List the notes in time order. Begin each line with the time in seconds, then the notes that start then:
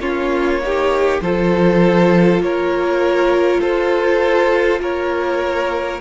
0.00 A#3 C#4 F4 C#5
0.63 D#4 G4
1.22 F3 F4 A4 C5
2.40 A#3 A#4 C#5
3.60 F4 A4 C5
4.80 A#3 A#4 C#5